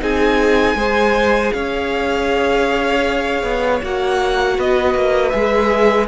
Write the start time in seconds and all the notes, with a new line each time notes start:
0.00 C4 D#4 G#4 G#5
0.75 G#3 G#4 C5
1.53 C#4 C#5 F5
3.43 B3
3.83 A#3 F#4 F#5
4.57 B3 B4 D#5
4.95 A#3
5.30 G#3 G#4 E5